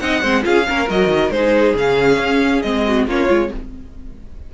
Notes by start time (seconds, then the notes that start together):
0.00 C4 D#4 D#5 F#5
0.22 G#3 C4 C5
0.43 C#4 F4 G#4 F5
0.69 A#3 C#4 A#4
0.87 F#3 F#4 D#5
1.08 D#3
1.30 G#3 D#4 G#4 C5
1.75 C#3 C#4 F5
2.19 C#4
2.62 G#3 C4 D#5
2.87 F#4
3.07 A#3 C#4 F4 C#5
3.28 G#3 F4